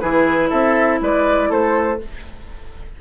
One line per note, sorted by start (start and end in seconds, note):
0.00 0.51 E3
0.00 1.98 E4
0.00 0.49 G#4
0.00 0.50 B4
0.49 1.01 C4
0.49 0.99 A4
0.49 1.00 E5
1.01 1.50 G#3
1.01 1.49 B4
1.01 1.51 D5
1.49 2.00 A3
1.49 1.99 A4
1.49 2.01 C5